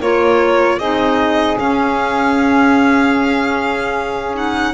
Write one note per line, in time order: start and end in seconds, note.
0.00 0.78 A#3
0.00 0.80 F4
0.00 0.77 A#4
0.00 0.79 C#5
0.77 1.57 C4
0.77 1.59 D#4
0.77 4.72 G#4
0.77 1.58 D#5
1.58 4.74 C#4
1.58 4.34 C#4
1.58 4.35 F5
4.34 4.74 D#4
4.34 4.74 F#5